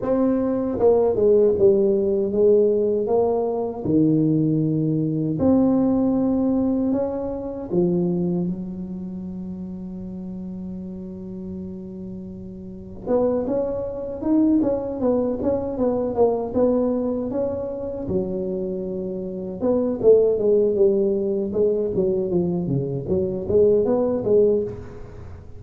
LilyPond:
\new Staff \with { instrumentName = "tuba" } { \time 4/4 \tempo 4 = 78 c'4 ais8 gis8 g4 gis4 | ais4 dis2 c'4~ | c'4 cis'4 f4 fis4~ | fis1~ |
fis4 b8 cis'4 dis'8 cis'8 b8 | cis'8 b8 ais8 b4 cis'4 fis8~ | fis4. b8 a8 gis8 g4 | gis8 fis8 f8 cis8 fis8 gis8 b8 gis8 | }